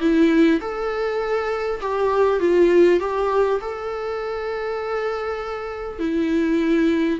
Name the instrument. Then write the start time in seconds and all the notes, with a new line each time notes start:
viola
0.00 E4
0.61 A4
1.81 G4
2.40 F4
3.00 G4
3.61 A4
5.99 E4